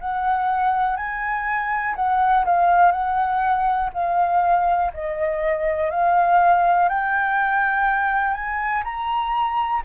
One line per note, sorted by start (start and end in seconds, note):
0.00 0.97 F#5
0.97 1.95 G#5
1.96 2.45 F#5
2.45 2.92 F5
2.92 3.90 F#5
3.94 4.92 F5
4.94 5.91 D#5
5.91 6.89 F5
6.89 8.34 G5
8.34 8.83 G#5
8.84 9.83 A#5